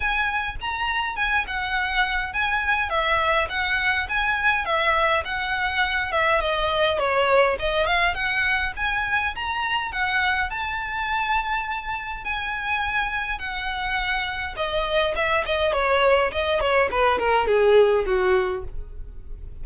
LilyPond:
\new Staff \with { instrumentName = "violin" } { \time 4/4 \tempo 4 = 103 gis''4 ais''4 gis''8 fis''4. | gis''4 e''4 fis''4 gis''4 | e''4 fis''4. e''8 dis''4 | cis''4 dis''8 f''8 fis''4 gis''4 |
ais''4 fis''4 a''2~ | a''4 gis''2 fis''4~ | fis''4 dis''4 e''8 dis''8 cis''4 | dis''8 cis''8 b'8 ais'8 gis'4 fis'4 | }